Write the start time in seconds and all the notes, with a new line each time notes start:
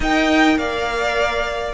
0.00 D#4 A#4 D#5 G5
0.56 A#3 D5 F5